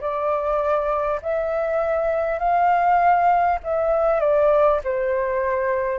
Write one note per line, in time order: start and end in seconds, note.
0.00 1.20 D5
1.22 2.38 E5
2.38 3.58 F5
3.63 4.19 E5
4.19 4.79 D5
4.84 5.99 C5